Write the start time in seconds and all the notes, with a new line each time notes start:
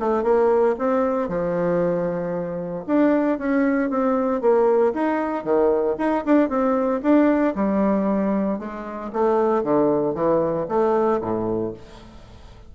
0.00 A3
0.24 A#3
0.79 C4
1.29 F3
2.87 D4
3.39 C#4
3.90 C4
4.42 A#3
4.94 D#4
5.44 D#3
5.98 D#4
6.25 D4
6.49 C4
7.03 D4
7.56 G3
8.59 G#3
9.13 A3
9.64 D3
10.15 E3
10.69 A3
11.22 A2